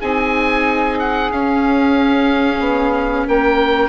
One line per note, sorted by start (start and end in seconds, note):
0.00 1.31 C4
0.00 1.31 D#4
0.00 3.26 G#4
0.00 0.99 G#5
0.99 1.32 F#5
1.31 3.90 C#4
1.31 2.60 C#4
1.31 3.27 F5
2.60 3.25 B3
3.27 3.90 A#3
3.27 3.90 A#4
3.27 3.90 G5